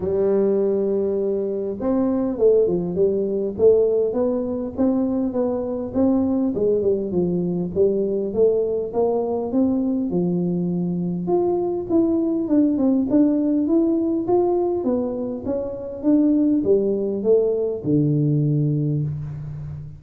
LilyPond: \new Staff \with { instrumentName = "tuba" } { \time 4/4 \tempo 4 = 101 g2. c'4 | a8 f8 g4 a4 b4 | c'4 b4 c'4 gis8 g8 | f4 g4 a4 ais4 |
c'4 f2 f'4 | e'4 d'8 c'8 d'4 e'4 | f'4 b4 cis'4 d'4 | g4 a4 d2 | }